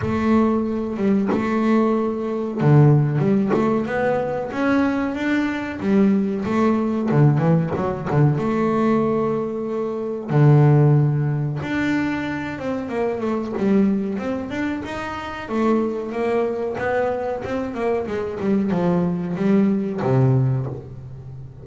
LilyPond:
\new Staff \with { instrumentName = "double bass" } { \time 4/4 \tempo 4 = 93 a4. g8 a2 | d4 g8 a8 b4 cis'4 | d'4 g4 a4 d8 e8 | fis8 d8 a2. |
d2 d'4. c'8 | ais8 a8 g4 c'8 d'8 dis'4 | a4 ais4 b4 c'8 ais8 | gis8 g8 f4 g4 c4 | }